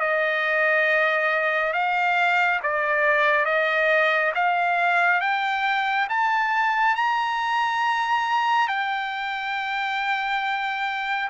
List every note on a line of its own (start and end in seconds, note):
0.00 1.73 D#5
1.73 2.60 F5
2.63 3.45 D5
3.45 4.32 D#5
4.35 5.21 F5
5.21 6.08 G5
6.09 6.96 A5
6.96 8.68 A#5
8.68 11.29 G5